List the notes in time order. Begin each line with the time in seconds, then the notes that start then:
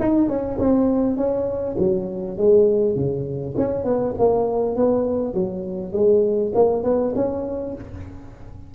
0.00 D#4
0.29 C#4
0.59 C4
1.17 C#4
1.78 F#3
2.38 G#3
2.96 C#3
3.57 C#4
3.85 B3
4.19 A#3
4.76 B3
5.34 F#3
5.93 G#3
6.55 A#3
6.84 B3
7.16 C#4